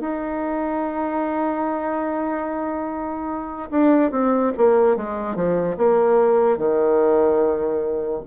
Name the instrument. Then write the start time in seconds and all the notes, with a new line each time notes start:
bassoon
0.00 D#4
3.71 D4
4.11 C4
4.57 A#3
4.97 G#3
5.36 F3
5.77 A#3
6.58 D#3